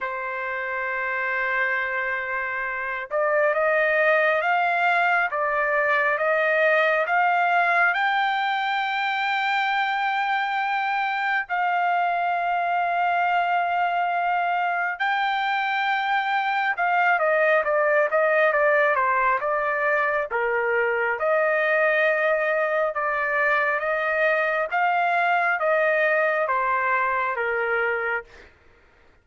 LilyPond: \new Staff \with { instrumentName = "trumpet" } { \time 4/4 \tempo 4 = 68 c''2.~ c''8 d''8 | dis''4 f''4 d''4 dis''4 | f''4 g''2.~ | g''4 f''2.~ |
f''4 g''2 f''8 dis''8 | d''8 dis''8 d''8 c''8 d''4 ais'4 | dis''2 d''4 dis''4 | f''4 dis''4 c''4 ais'4 | }